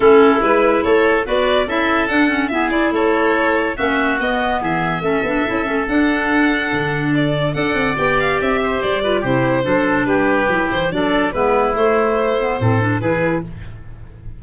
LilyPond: <<
  \new Staff \with { instrumentName = "violin" } { \time 4/4 \tempo 4 = 143 a'4 b'4 cis''4 d''4 | e''4 fis''4 e''8 d''8 cis''4~ | cis''4 e''4 dis''4 e''4~ | e''2 fis''2~ |
fis''4 d''4 fis''4 g''8 f''8 | e''4 d''4 c''2 | b'4. c''8 d''4 b'4 | c''2. b'4 | }
  \new Staff \with { instrumentName = "oboe" } { \time 4/4 e'2 a'4 b'4 | a'2 gis'4 a'4~ | a'4 fis'2 gis'4 | a'1~ |
a'2 d''2~ | d''8 c''4 b'8 g'4 a'4 | g'2 a'4 e'4~ | e'2 a'4 gis'4 | }
  \new Staff \with { instrumentName = "clarinet" } { \time 4/4 cis'4 e'2 fis'4 | e'4 d'8 cis'8 b8 e'4.~ | e'4 cis'4 b2 | cis'8 d'8 e'8 cis'8 d'2~ |
d'2 a'4 g'4~ | g'4. f'8 e'4 d'4~ | d'4 e'4 d'4 b4 | a4. b8 c'8 d'8 e'4 | }
  \new Staff \with { instrumentName = "tuba" } { \time 4/4 a4 gis4 a4 b4 | cis'4 d'4 e'4 a4~ | a4 ais4 b4 e4 | a8 b8 cis'8 a8 d'2 |
d2 d'8 c'8 b4 | c'4 g4 c4 fis4 | g4 fis8 e8 fis4 gis4 | a2 a,4 e4 | }
>>